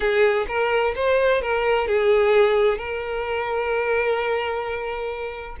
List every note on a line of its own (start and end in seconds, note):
0.00 0.46 G#4
0.48 0.94 A#4
0.95 1.41 C5
1.41 1.87 A#4
1.87 2.78 G#4
2.78 5.57 A#4